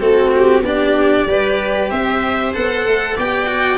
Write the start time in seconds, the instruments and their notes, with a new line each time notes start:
0.00 tuba A3, cello C4, viola F#4, violin A4
0.37 violin G4
0.61 tuba B3, cello D4, viola G4, violin D5
1.27 tuba G3, cello G4, viola B4
1.91 tuba C4, viola C5, violin E5
2.54 tuba B3, cello A4, violin F#5
2.87 tuba A3
3.16 tuba B3, cello G4, viola D5, violin G5
3.47 cello F#4